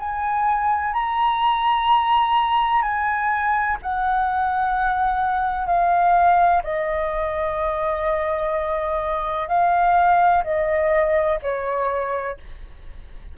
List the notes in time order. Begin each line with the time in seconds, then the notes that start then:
0.00 G#5
0.94 A#5
2.83 G#5
3.83 F#5
5.67 F5
6.64 D#5
9.49 F5
10.44 D#5
11.43 C#5